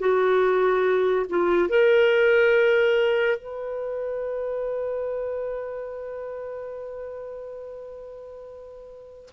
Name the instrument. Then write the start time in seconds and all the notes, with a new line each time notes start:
clarinet
0.00 F#4
1.30 F4
1.70 A#4
3.38 B4